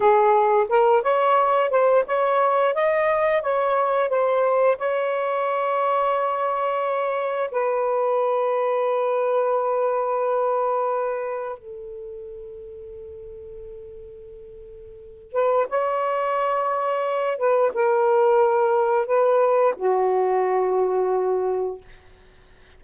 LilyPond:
\new Staff \with { instrumentName = "saxophone" } { \time 4/4 \tempo 4 = 88 gis'4 ais'8 cis''4 c''8 cis''4 | dis''4 cis''4 c''4 cis''4~ | cis''2. b'4~ | b'1~ |
b'4 a'2.~ | a'2~ a'8 b'8 cis''4~ | cis''4. b'8 ais'2 | b'4 fis'2. | }